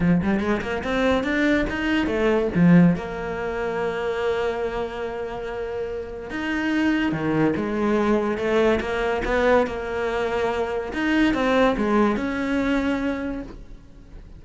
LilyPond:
\new Staff \with { instrumentName = "cello" } { \time 4/4 \tempo 4 = 143 f8 g8 gis8 ais8 c'4 d'4 | dis'4 a4 f4 ais4~ | ais1~ | ais2. dis'4~ |
dis'4 dis4 gis2 | a4 ais4 b4 ais4~ | ais2 dis'4 c'4 | gis4 cis'2. | }